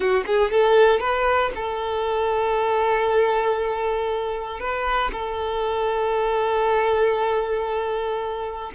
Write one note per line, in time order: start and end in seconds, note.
0.00 0.24 F#4
0.26 0.51 G#4
0.51 1.00 A4
1.00 1.51 B4
1.55 4.60 A4
4.60 5.11 B4
5.12 8.71 A4